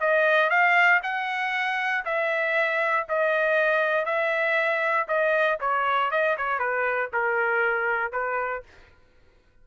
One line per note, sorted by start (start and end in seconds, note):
0.00 0.50 D#5
0.50 1.01 F5
1.03 2.05 F#5
2.05 3.06 E5
3.08 4.05 D#5
4.05 5.07 E5
5.08 5.59 D#5
5.60 6.11 C#5
6.11 6.36 D#5
6.37 6.59 C#5
6.59 7.10 B4
7.13 8.12 A#4
8.12 8.63 B4